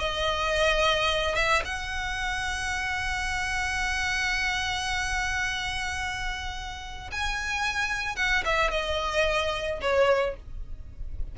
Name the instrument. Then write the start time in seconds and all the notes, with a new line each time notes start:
violin
0.00 D#5
1.36 E5
1.65 F#5
7.12 G#5
8.16 F#5
8.45 E5
8.71 D#5
9.82 C#5